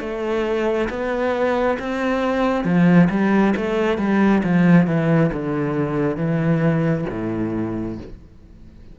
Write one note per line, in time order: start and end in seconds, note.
0.00 0.88 A3
0.90 1.78 B3
1.79 2.64 C4
2.64 3.08 F3
3.10 3.55 G3
3.57 3.98 A3
3.98 4.42 G3
4.44 4.87 F3
4.87 5.31 E3
5.33 6.17 D3
6.17 7.05 E3
7.10 7.99 A2